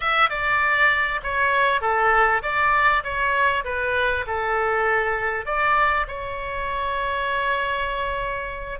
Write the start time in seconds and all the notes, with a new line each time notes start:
0.00 E5
0.29 D5
1.23 C#5
1.81 A4
2.42 D5
3.03 C#5
3.64 B4
4.26 A4
5.45 D5
6.07 C#5